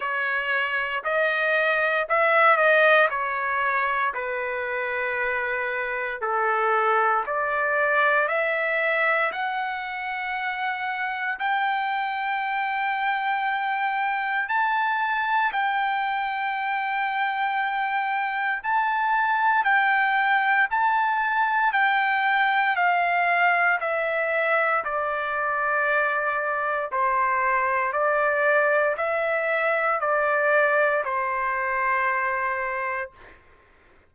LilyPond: \new Staff \with { instrumentName = "trumpet" } { \time 4/4 \tempo 4 = 58 cis''4 dis''4 e''8 dis''8 cis''4 | b'2 a'4 d''4 | e''4 fis''2 g''4~ | g''2 a''4 g''4~ |
g''2 a''4 g''4 | a''4 g''4 f''4 e''4 | d''2 c''4 d''4 | e''4 d''4 c''2 | }